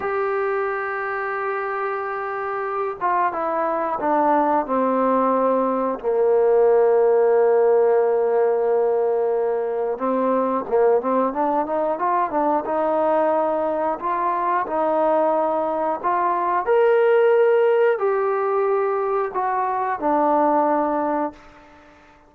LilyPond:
\new Staff \with { instrumentName = "trombone" } { \time 4/4 \tempo 4 = 90 g'1~ | g'8 f'8 e'4 d'4 c'4~ | c'4 ais2.~ | ais2. c'4 |
ais8 c'8 d'8 dis'8 f'8 d'8 dis'4~ | dis'4 f'4 dis'2 | f'4 ais'2 g'4~ | g'4 fis'4 d'2 | }